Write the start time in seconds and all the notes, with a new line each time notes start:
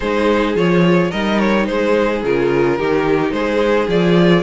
0.00 G#3 D#4 G#4 C5
0.55 F3 F4 C#5
1.10 G3 D#4 A#4 D#5
1.39 C#5
1.66 G#3 G#4 C5
2.23 C#3 F4 A#4
2.78 D#3 D#4 G4
3.31 G#3 G#4 C5
3.87 F3 F4 D5